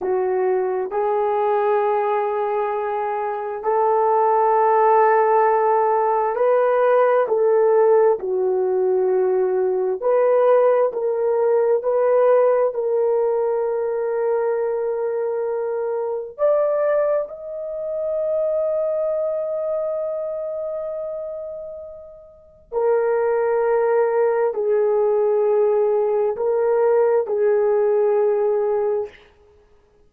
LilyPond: \new Staff \with { instrumentName = "horn" } { \time 4/4 \tempo 4 = 66 fis'4 gis'2. | a'2. b'4 | a'4 fis'2 b'4 | ais'4 b'4 ais'2~ |
ais'2 d''4 dis''4~ | dis''1~ | dis''4 ais'2 gis'4~ | gis'4 ais'4 gis'2 | }